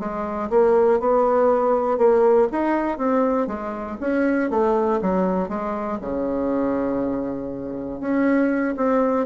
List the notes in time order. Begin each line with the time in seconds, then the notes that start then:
0.00 G#3
0.50 A#3
1.00 B3
1.99 A#3
2.52 D#4
2.99 C4
3.48 G#3
4.01 C#4
4.51 A3
5.02 F#3
5.49 G#3
6.01 C#3
8.01 C#4
8.77 C4